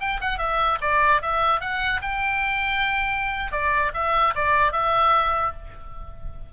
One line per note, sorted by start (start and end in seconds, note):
0.00 0.20 G5
0.21 0.38 F#5
0.38 0.79 E5
0.81 1.21 D5
1.22 1.61 E5
1.61 2.01 F#5
2.02 3.52 G5
3.52 3.92 D5
3.94 4.34 E5
4.35 4.72 D5
4.72 5.52 E5